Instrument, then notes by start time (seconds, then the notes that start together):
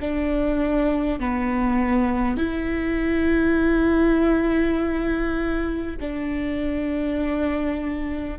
viola
0.00 D4
1.19 B3
2.37 E4
6.00 D4